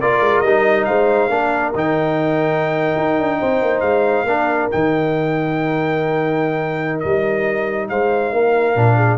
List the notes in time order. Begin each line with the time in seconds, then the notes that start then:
0.00 A#3 F4 A#4 D5
0.20 G#3
0.40 G3 D#4 D#5
0.84 G#3 C5 F5
1.28 A#3 D4 A#4
1.74 D#3 D#4 G5
2.96 D#4
3.18 D4
3.39 C4 C5
3.61 A#3
3.80 G#3 F5
4.23 A#3 D4 A#4
4.70 D#3 D#4 G5
6.99 G3 D#5
7.88 G#3 C5 F5
8.32 A#3 A#4
8.75 A#2 D4
8.96 G#4